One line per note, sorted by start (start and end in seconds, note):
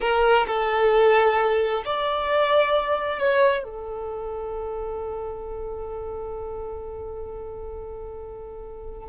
0.01 0.46 A#4
0.46 1.83 A4
1.85 3.19 D5
3.19 3.63 C#5
3.63 9.09 A4